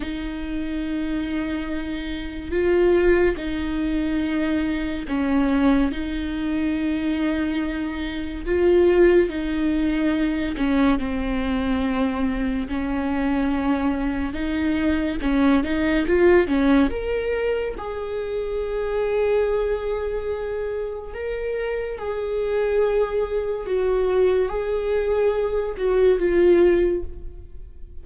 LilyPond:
\new Staff \with { instrumentName = "viola" } { \time 4/4 \tempo 4 = 71 dis'2. f'4 | dis'2 cis'4 dis'4~ | dis'2 f'4 dis'4~ | dis'8 cis'8 c'2 cis'4~ |
cis'4 dis'4 cis'8 dis'8 f'8 cis'8 | ais'4 gis'2.~ | gis'4 ais'4 gis'2 | fis'4 gis'4. fis'8 f'4 | }